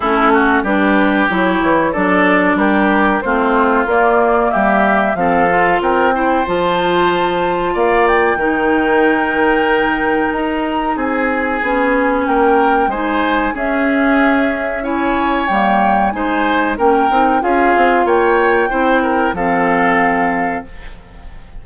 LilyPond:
<<
  \new Staff \with { instrumentName = "flute" } { \time 4/4 \tempo 4 = 93 a'4 b'4 cis''4 d''4 | ais'4 c''4 d''4 e''4 | f''4 g''4 a''2 | f''8 g''2.~ g''8 |
ais''4 gis''2 g''4 | gis''4 e''2 gis''4 | g''4 gis''4 g''4 f''4 | g''2 f''2 | }
  \new Staff \with { instrumentName = "oboe" } { \time 4/4 e'8 fis'8 g'2 a'4 | g'4 f'2 g'4 | a'4 ais'8 c''2~ c''8 | d''4 ais'2.~ |
ais'4 gis'2 ais'4 | c''4 gis'2 cis''4~ | cis''4 c''4 ais'4 gis'4 | cis''4 c''8 ais'8 a'2 | }
  \new Staff \with { instrumentName = "clarinet" } { \time 4/4 cis'4 d'4 e'4 d'4~ | d'4 c'4 ais2 | c'8 f'4 e'8 f'2~ | f'4 dis'2.~ |
dis'2 cis'2 | dis'4 cis'2 e'4 | ais4 dis'4 cis'8 dis'8 f'4~ | f'4 e'4 c'2 | }
  \new Staff \with { instrumentName = "bassoon" } { \time 4/4 a4 g4 fis8 e8 fis4 | g4 a4 ais4 g4 | f4 c'4 f2 | ais4 dis2. |
dis'4 c'4 b4 ais4 | gis4 cis'2. | g4 gis4 ais8 c'8 cis'8 c'8 | ais4 c'4 f2 | }
>>